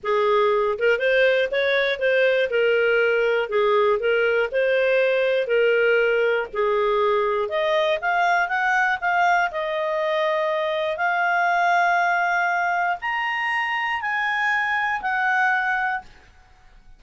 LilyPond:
\new Staff \with { instrumentName = "clarinet" } { \time 4/4 \tempo 4 = 120 gis'4. ais'8 c''4 cis''4 | c''4 ais'2 gis'4 | ais'4 c''2 ais'4~ | ais'4 gis'2 dis''4 |
f''4 fis''4 f''4 dis''4~ | dis''2 f''2~ | f''2 ais''2 | gis''2 fis''2 | }